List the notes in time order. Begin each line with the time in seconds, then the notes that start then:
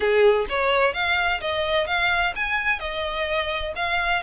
0.00 G#4
0.49 C#5
0.93 F5
1.41 D#5
1.86 F5
2.35 G#5
2.79 D#5
3.75 F5